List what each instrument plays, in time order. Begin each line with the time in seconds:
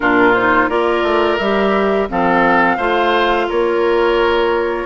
0.00 bassoon A#2, clarinet D4, oboe F4, flute A#4
0.34 clarinet D#4, flute C5
0.69 bassoon A#3, clarinet F4, oboe A#4, flute D5
1.02 bassoon A3
1.37 bassoon G3, clarinet G4, flute E5
2.08 bassoon F3, clarinet C4, oboe A4, flute F5
2.76 bassoon A3, clarinet F4, oboe C5
3.48 bassoon A#3, oboe A#4, flute C#5